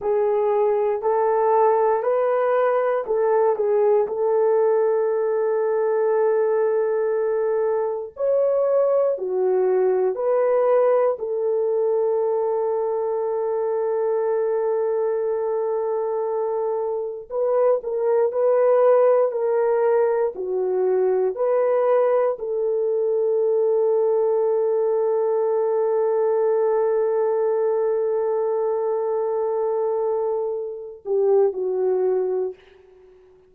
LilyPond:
\new Staff \with { instrumentName = "horn" } { \time 4/4 \tempo 4 = 59 gis'4 a'4 b'4 a'8 gis'8 | a'1 | cis''4 fis'4 b'4 a'4~ | a'1~ |
a'4 b'8 ais'8 b'4 ais'4 | fis'4 b'4 a'2~ | a'1~ | a'2~ a'8 g'8 fis'4 | }